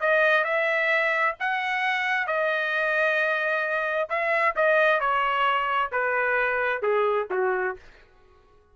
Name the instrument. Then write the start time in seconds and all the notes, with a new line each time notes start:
trumpet
0.00 D#5
0.44 E5
1.39 F#5
2.26 D#5
4.09 E5
4.55 D#5
5.00 C#5
5.91 B4
6.82 G#4
7.30 F#4